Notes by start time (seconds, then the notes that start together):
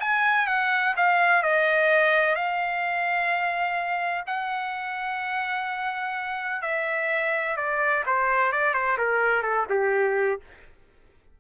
0.00 G#5
0.47 F#5
0.97 F5
1.43 D#5
2.35 F5
4.26 F#5
6.62 E5
7.57 D5
8.06 C5
8.52 D5
8.74 C5
8.98 A#4
9.43 A4
9.69 G4